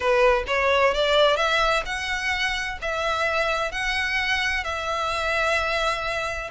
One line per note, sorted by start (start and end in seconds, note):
0.00 0.44 B4
0.47 0.93 C#5
0.94 1.36 D5
1.36 1.83 E5
1.85 2.78 F#5
2.81 3.71 E5
3.71 4.64 F#5
4.64 6.50 E5